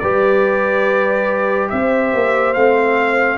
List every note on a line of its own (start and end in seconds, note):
0.00 1.71 G3
0.00 2.56 G4
0.00 1.71 B4
0.00 1.69 D5
1.69 2.14 C4
1.69 3.39 C5
1.69 2.54 E5
2.14 2.56 A#3
2.54 3.39 A3
2.54 3.39 C4
2.54 3.39 F5